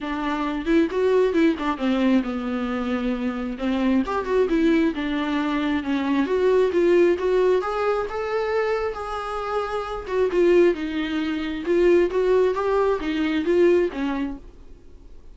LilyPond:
\new Staff \with { instrumentName = "viola" } { \time 4/4 \tempo 4 = 134 d'4. e'8 fis'4 e'8 d'8 | c'4 b2. | c'4 g'8 fis'8 e'4 d'4~ | d'4 cis'4 fis'4 f'4 |
fis'4 gis'4 a'2 | gis'2~ gis'8 fis'8 f'4 | dis'2 f'4 fis'4 | g'4 dis'4 f'4 cis'4 | }